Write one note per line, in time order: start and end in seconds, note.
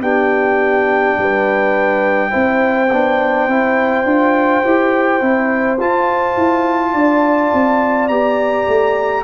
0.00 1.15 B3
0.00 2.30 D4
0.00 1.17 G4
0.00 5.78 G5
1.17 2.33 G3
1.17 2.30 B4
2.30 2.91 C4
2.30 2.88 E4
2.30 6.91 C5
2.91 3.47 B3
2.91 3.49 D4
3.47 4.04 C4
3.47 4.05 E4
4.04 4.61 D4
4.04 4.63 F4
4.64 5.20 E4
4.64 5.21 G4
5.20 5.78 C4
5.20 5.78 E4
5.78 6.36 F4
5.78 8.10 F4
5.78 8.08 A5
6.36 6.93 E4
6.93 7.51 D4
6.93 9.24 D5
7.53 8.09 C4
8.08 8.67 B3
8.08 9.24 G4
8.08 9.23 A#5
8.67 9.24 A3